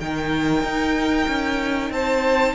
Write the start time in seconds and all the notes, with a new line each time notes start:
0.00 D#3 D#4 A#4 G5
0.63 D#4
1.27 C#4
1.90 C4 C5 A5